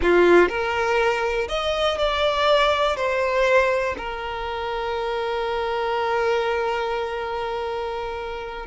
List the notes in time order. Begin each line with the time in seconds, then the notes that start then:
0.02 F4
0.48 A#4
1.48 D#5
1.98 D5
2.96 C5
3.97 A#4